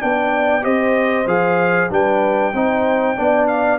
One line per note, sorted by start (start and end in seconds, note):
0.00 0.65 B3
0.00 0.62 D4
0.00 0.64 D5
0.00 0.64 G5
0.62 1.26 C4
0.62 1.25 G4
0.62 1.91 C5
0.62 1.27 D#5
1.26 1.89 F3
1.26 1.90 G#4
1.26 1.91 F5
1.90 2.54 G3
1.90 2.53 D4
1.90 2.54 B4
1.90 3.48 G5
2.54 3.17 C4
2.54 3.16 D#4
2.54 3.17 C5
3.16 3.79 B3
3.16 3.79 D4
3.16 3.79 D5
3.48 3.79 F5